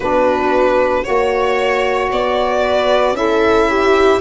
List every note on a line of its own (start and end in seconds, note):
0.00 1.04 B3
0.00 1.04 D4
0.00 1.05 F#4
0.00 1.04 B4
1.04 2.12 A#3
1.04 3.14 F#4
1.04 2.09 C#5
1.04 2.63 C#5
2.12 3.12 B3
2.12 3.16 D5
2.63 3.16 B4
3.12 4.17 C#4
3.12 4.20 E4
3.12 3.69 A4
3.12 4.20 E5
3.69 4.20 G4